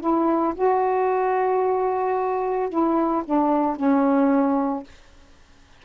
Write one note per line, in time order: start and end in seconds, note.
0.00 0.54 E4
0.55 2.69 F#4
2.69 3.23 E4
3.25 3.76 D4
3.76 4.84 C#4